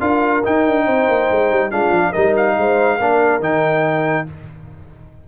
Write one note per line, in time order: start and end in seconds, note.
0.00 0.43 D4
0.00 0.43 F4
0.00 0.85 A#4
0.00 0.43 F5
0.44 1.71 D#4
0.44 0.66 D#4
0.44 1.71 G5
0.66 0.87 D4
0.85 1.08 C4
0.85 1.70 C5
1.08 1.29 A#3
1.30 1.50 G#3
1.50 1.71 G3
1.71 1.91 G#3
1.71 2.13 D4
1.71 2.11 F4
1.71 2.12 F5
1.91 2.12 F3
2.11 2.57 G3
2.11 2.99 D#4
2.11 2.53 A#4
2.11 2.34 D#5
2.36 3.42 F5
2.57 3.00 G#3
2.57 2.97 C5
2.97 3.39 A#3
2.97 3.41 D4
2.97 4.25 A#4
3.39 4.25 D#3
3.39 4.26 D#4
3.39 4.27 G5